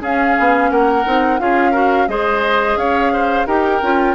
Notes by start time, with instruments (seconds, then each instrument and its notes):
0.00 clarinet C#4, bassoon C#4, oboe G#4, flute F5
0.39 bassoon B3
0.70 bassoon A#3, oboe A#4, flute F#5
1.04 bassoon C4, clarinet D#4
1.39 bassoon C#4, clarinet F4, oboe G#4, flute F5
1.71 clarinet F#4, oboe A#4
2.07 bassoon G#3, clarinet G#4, oboe C5, flute D#5
2.76 bassoon C#4, oboe C#5, flute F5
3.12 oboe C5
3.46 bassoon D#4, clarinet G4, oboe A#4, flute G5
3.81 bassoon C#4, clarinet F4